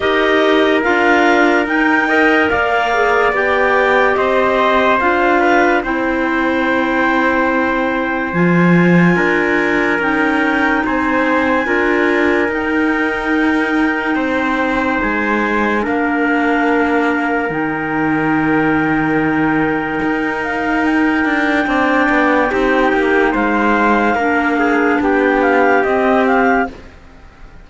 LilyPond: <<
  \new Staff \with { instrumentName = "clarinet" } { \time 4/4 \tempo 4 = 72 dis''4 f''4 g''4 f''4 | g''4 dis''4 f''4 g''4~ | g''2 gis''2 | g''4 gis''2 g''4~ |
g''2 gis''4 f''4~ | f''4 g''2.~ | g''8 f''8 g''2. | f''2 g''8 f''8 dis''8 f''8 | }
  \new Staff \with { instrumentName = "trumpet" } { \time 4/4 ais'2~ ais'8 dis''8 d''4~ | d''4 c''4. b'8 c''4~ | c''2. ais'4~ | ais'4 c''4 ais'2~ |
ais'4 c''2 ais'4~ | ais'1~ | ais'2 d''4 g'4 | c''4 ais'8 gis'8 g'2 | }
  \new Staff \with { instrumentName = "clarinet" } { \time 4/4 g'4 f'4 dis'8 ais'4 gis'8 | g'2 f'4 e'4~ | e'2 f'2 | dis'2 f'4 dis'4~ |
dis'2. d'4~ | d'4 dis'2.~ | dis'2 d'4 dis'4~ | dis'4 d'2 c'4 | }
  \new Staff \with { instrumentName = "cello" } { \time 4/4 dis'4 d'4 dis'4 ais4 | b4 c'4 d'4 c'4~ | c'2 f4 d'4 | cis'4 c'4 d'4 dis'4~ |
dis'4 c'4 gis4 ais4~ | ais4 dis2. | dis'4. d'8 c'8 b8 c'8 ais8 | gis4 ais4 b4 c'4 | }
>>